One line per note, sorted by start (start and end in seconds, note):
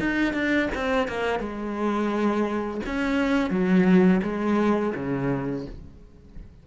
0.00 0.34 D#4
0.34 0.69 D4
0.75 1.08 C4
1.08 1.40 A#3
1.40 2.81 G#3
2.87 3.51 C#4
3.51 4.21 F#3
4.23 4.94 G#3
4.96 5.66 C#3